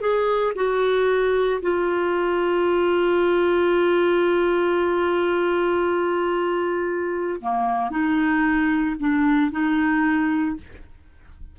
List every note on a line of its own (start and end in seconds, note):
0.00 0.53 G#4
0.55 1.60 F#4
1.61 7.40 F4
7.41 7.90 A#3
7.90 8.96 D#4
8.99 9.51 D4
9.51 10.56 D#4